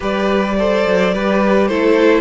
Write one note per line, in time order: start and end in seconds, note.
0.00 0.85 G3
0.00 0.55 G4
0.00 0.56 B4
0.00 1.67 D5
0.58 1.13 A4
0.58 1.14 C5
0.86 1.13 F#3
1.13 1.69 G3
1.13 1.69 G4
1.13 1.68 B4
1.67 2.20 A3
1.67 2.20 E4
1.67 2.20 A4
1.67 2.20 C5